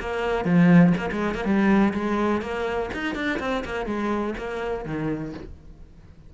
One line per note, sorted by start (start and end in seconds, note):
0.00 0.44 A#3
0.44 0.93 F3
0.97 1.10 A#3
1.12 1.34 G#3
1.34 1.45 A#3
1.45 1.93 G3
1.93 2.41 G#3
2.41 2.89 A#3
2.93 3.15 D#4
3.15 3.39 D4
3.39 3.64 C4
3.64 3.86 A#3
3.86 4.34 G#3
4.38 4.85 A#3
4.85 5.33 D#3